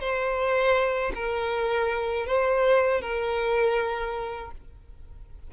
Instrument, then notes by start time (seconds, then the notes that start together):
violin
0.00 C5
1.15 A#4
2.26 C5
3.01 A#4